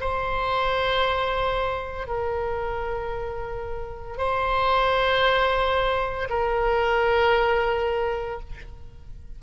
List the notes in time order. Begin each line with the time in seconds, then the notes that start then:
0.00 C5
2.07 A#4
4.18 C5
6.30 A#4